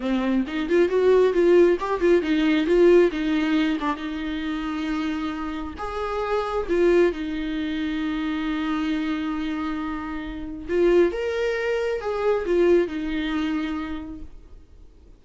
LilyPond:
\new Staff \with { instrumentName = "viola" } { \time 4/4 \tempo 4 = 135 c'4 dis'8 f'8 fis'4 f'4 | g'8 f'8 dis'4 f'4 dis'4~ | dis'8 d'8 dis'2.~ | dis'4 gis'2 f'4 |
dis'1~ | dis'1 | f'4 ais'2 gis'4 | f'4 dis'2. | }